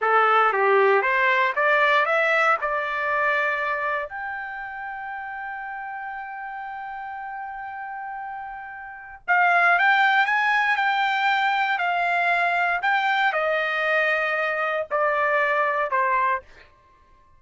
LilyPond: \new Staff \with { instrumentName = "trumpet" } { \time 4/4 \tempo 4 = 117 a'4 g'4 c''4 d''4 | e''4 d''2. | g''1~ | g''1~ |
g''2 f''4 g''4 | gis''4 g''2 f''4~ | f''4 g''4 dis''2~ | dis''4 d''2 c''4 | }